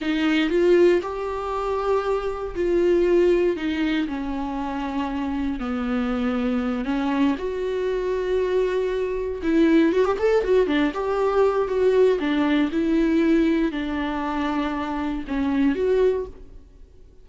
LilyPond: \new Staff \with { instrumentName = "viola" } { \time 4/4 \tempo 4 = 118 dis'4 f'4 g'2~ | g'4 f'2 dis'4 | cis'2. b4~ | b4. cis'4 fis'4.~ |
fis'2~ fis'8 e'4 fis'16 g'16 | a'8 fis'8 d'8 g'4. fis'4 | d'4 e'2 d'4~ | d'2 cis'4 fis'4 | }